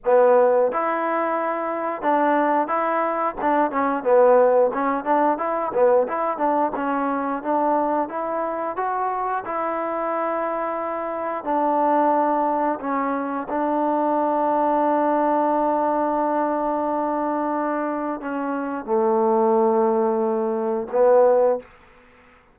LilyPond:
\new Staff \with { instrumentName = "trombone" } { \time 4/4 \tempo 4 = 89 b4 e'2 d'4 | e'4 d'8 cis'8 b4 cis'8 d'8 | e'8 b8 e'8 d'8 cis'4 d'4 | e'4 fis'4 e'2~ |
e'4 d'2 cis'4 | d'1~ | d'2. cis'4 | a2. b4 | }